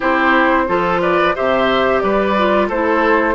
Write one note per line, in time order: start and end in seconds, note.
0.00 0.68 C4
0.00 0.67 E4
0.00 0.64 G4
0.00 1.01 C5
0.67 1.36 F3
0.67 1.35 F4
0.67 1.01 A4
1.01 1.35 B4
1.01 1.35 D5
1.35 2.02 C3
1.35 2.36 G4
1.35 2.02 C5
1.35 1.99 E5
1.99 2.69 G3
1.99 2.68 B4
1.99 2.67 D5
2.37 2.71 F4
2.68 3.35 A3
2.68 3.35 E4
2.68 3.35 A4
2.68 3.35 C5